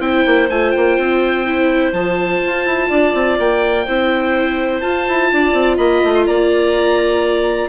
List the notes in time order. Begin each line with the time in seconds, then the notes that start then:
0.00 C4 E4 C5 G5
0.26 A#3
0.50 A3 F4 G#5
0.72 A#3 G5
0.98 C4
1.46 E4
1.93 F3 F4 A5
2.46 F4
2.66 E4
2.89 D4 D5
3.14 C4
3.39 A#3 G5
3.85 C4 E4 C5
4.81 F4 A5
5.08 E4
5.33 D4 D5
5.53 C4
5.77 A#3 D#5 B5
6.04 A3
6.15 C6
6.27 A#3 D5 A#5